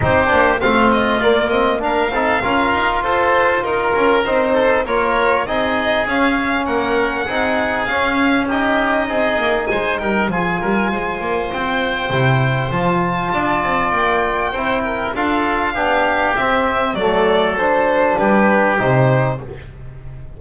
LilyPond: <<
  \new Staff \with { instrumentName = "violin" } { \time 4/4 \tempo 4 = 99 c''4 f''8 dis''8 d''8 dis''8 f''4~ | f''4 c''4 ais'4 c''4 | cis''4 dis''4 f''4 fis''4~ | fis''4 f''4 dis''2 |
gis''8 g''8 gis''2 g''4~ | g''4 a''2 g''4~ | g''4 f''2 e''4 | d''4 c''4 b'4 c''4 | }
  \new Staff \with { instrumentName = "oboe" } { \time 4/4 g'4 f'2 ais'8 a'8 | ais'4 a'4 ais'4. a'8 | ais'4 gis'2 ais'4 | gis'2 g'4 gis'4 |
c''8 ais'8 gis'8 ais'8 c''2~ | c''2 d''2 | c''8 ais'8 a'4 g'2 | a'2 g'2 | }
  \new Staff \with { instrumentName = "trombone" } { \time 4/4 dis'8 d'8 c'4 ais8 c'8 d'8 dis'8 | f'2. dis'4 | f'4 dis'4 cis'2 | dis'4 cis'4 dis'2~ |
dis'4 f'2. | e'4 f'2. | e'4 f'4 d'4 c'4 | a4 d'2 dis'4 | }
  \new Staff \with { instrumentName = "double bass" } { \time 4/4 c'8 ais8 a4 ais4. c'8 | cis'8 dis'8 f'4 dis'8 cis'8 c'4 | ais4 c'4 cis'4 ais4 | c'4 cis'2 c'8 ais8 |
gis8 g8 f8 g8 gis8 ais8 c'4 | c4 f4 d'8 c'8 ais4 | c'4 d'4 b4 c'4 | fis2 g4 c4 | }
>>